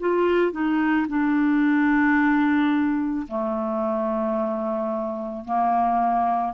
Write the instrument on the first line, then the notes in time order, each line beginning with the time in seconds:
clarinet
0.00 F4
0.52 D#4
1.08 D4
3.28 A3
5.44 A#3